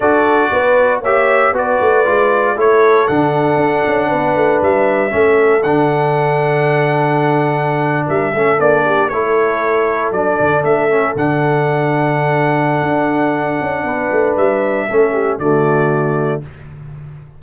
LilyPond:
<<
  \new Staff \with { instrumentName = "trumpet" } { \time 4/4 \tempo 4 = 117 d''2 e''4 d''4~ | d''4 cis''4 fis''2~ | fis''4 e''2 fis''4~ | fis''2.~ fis''8. e''16~ |
e''8. d''4 cis''2 d''16~ | d''8. e''4 fis''2~ fis''16~ | fis''1 | e''2 d''2 | }
  \new Staff \with { instrumentName = "horn" } { \time 4/4 a'4 b'4 cis''4 b'4~ | b'4 a'2. | b'2 a'2~ | a'2.~ a'8. ais'16~ |
ais'16 a'4 g'8 a'2~ a'16~ | a'1~ | a'2. b'4~ | b'4 a'8 g'8 fis'2 | }
  \new Staff \with { instrumentName = "trombone" } { \time 4/4 fis'2 g'4 fis'4 | f'4 e'4 d'2~ | d'2 cis'4 d'4~ | d'1~ |
d'16 cis'8 d'4 e'2 d'16~ | d'4~ d'16 cis'8 d'2~ d'16~ | d'1~ | d'4 cis'4 a2 | }
  \new Staff \with { instrumentName = "tuba" } { \time 4/4 d'4 b4 ais4 b8 a8 | gis4 a4 d4 d'8 cis'8 | b8 a8 g4 a4 d4~ | d2.~ d8. g16~ |
g16 a8 ais4 a2 fis16~ | fis16 d8 a4 d2~ d16~ | d4 d'4. cis'8 b8 a8 | g4 a4 d2 | }
>>